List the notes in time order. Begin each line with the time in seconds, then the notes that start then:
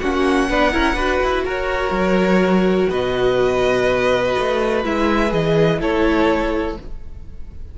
0.00 A#3 C#4 F#4 F#5
0.49 B3 D4 B4
0.72 C#4 E4 A#4
0.95 D4 F#4 B4
1.23 E4
1.45 F#4 A#4 C#5
1.91 F#3
2.89 B2 B4 D#5
4.39 A3
4.84 G#3 E4 E5
5.30 E3 G#4 D#5
5.80 A3 E4 A4 C#5